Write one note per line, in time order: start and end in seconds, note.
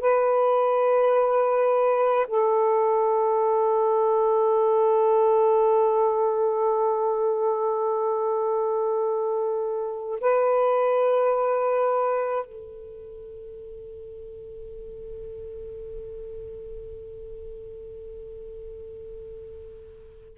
0.00 2.26 B4
2.27 10.19 A4
10.20 12.45 B4
12.45 20.38 A4